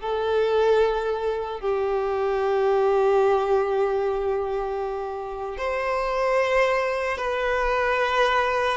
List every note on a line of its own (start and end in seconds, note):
0.00 1.60 A4
1.60 5.57 G4
5.57 7.17 C5
7.17 8.77 B4